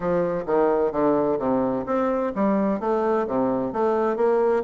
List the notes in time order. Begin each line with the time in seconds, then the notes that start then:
0.00 F3
0.46 D#3
0.92 D3
1.38 C3
1.85 C4
2.35 G3
2.80 A3
3.27 C3
3.72 A3
4.16 A#3